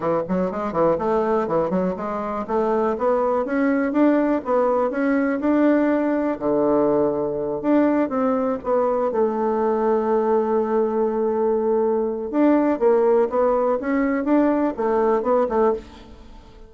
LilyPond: \new Staff \with { instrumentName = "bassoon" } { \time 4/4 \tempo 4 = 122 e8 fis8 gis8 e8 a4 e8 fis8 | gis4 a4 b4 cis'4 | d'4 b4 cis'4 d'4~ | d'4 d2~ d8 d'8~ |
d'8 c'4 b4 a4.~ | a1~ | a4 d'4 ais4 b4 | cis'4 d'4 a4 b8 a8 | }